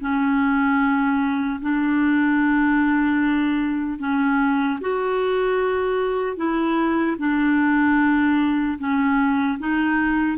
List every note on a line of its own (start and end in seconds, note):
0.00 1.60 C#4
1.61 3.99 D4
3.99 4.79 C#4
4.80 6.37 F#4
6.37 7.17 E4
7.18 8.78 D4
8.78 9.58 C#4
9.59 10.37 D#4